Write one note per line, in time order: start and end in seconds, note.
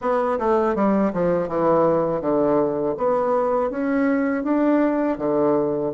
0.01 0.38 B3
0.38 0.75 A3
0.75 1.12 G3
1.13 1.48 F3
1.48 2.21 E3
2.21 2.95 D3
2.97 3.70 B3
3.70 4.43 C#4
4.43 5.18 D4
5.18 5.92 D3